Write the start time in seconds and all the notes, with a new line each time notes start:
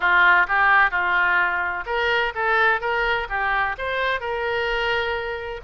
0.00 F4
0.47 G4
0.90 F4
1.86 A#4
2.35 A4
2.80 A#4
3.29 G4
3.78 C5
4.20 A#4